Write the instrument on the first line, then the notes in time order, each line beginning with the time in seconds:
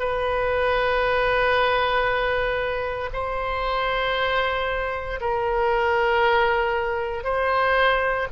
oboe
0.00 B4
3.13 C5
5.21 A#4
7.24 C5